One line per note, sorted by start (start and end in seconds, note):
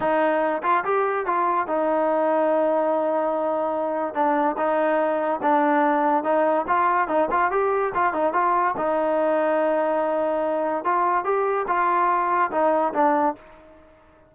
0.00 0.62 D#4
0.62 0.83 F4
0.84 1.26 G4
1.26 1.67 F4
1.67 4.14 D#4
4.14 4.55 D4
4.57 5.40 D#4
5.42 6.23 D4
6.23 6.65 D#4
6.67 7.08 F4
7.08 7.28 D#4
7.30 7.51 F4
7.51 7.92 G4
7.94 8.13 F4
8.13 8.33 D#4
8.33 8.74 F4
8.77 10.84 D#4
10.84 11.24 F4
11.24 11.66 G4
11.67 12.51 F4
12.51 12.93 D#4
12.93 13.35 D4